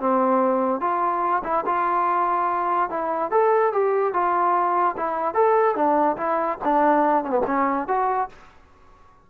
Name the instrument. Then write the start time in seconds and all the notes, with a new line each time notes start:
trombone
0.00 C4
0.81 F4
1.44 E4
1.66 F4
2.90 E4
3.31 A4
3.73 G4
4.14 F4
4.97 E4
5.35 A4
5.76 D4
6.17 E4
6.65 D4
7.25 C#4
7.31 B3
7.47 C#4
7.88 F#4